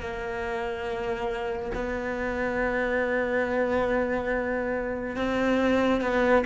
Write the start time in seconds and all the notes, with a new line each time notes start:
0.00 A#3
1.74 B3
5.16 C4
6.01 B3